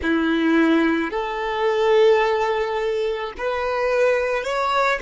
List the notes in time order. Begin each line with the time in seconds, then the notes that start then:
0.02 E4
1.10 A4
3.37 B4
4.43 C#5